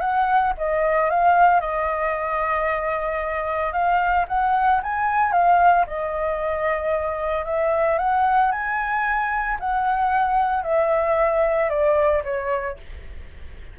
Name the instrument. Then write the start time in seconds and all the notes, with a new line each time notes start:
flute
0.00 F#5
0.57 D#5
1.10 F5
1.60 D#5
3.72 F5
4.28 F#5
4.82 G#5
5.32 F5
5.86 D#5
7.45 E5
7.98 F#5
8.51 G#5
9.59 F#5
10.63 E5
11.70 D5
12.24 C#5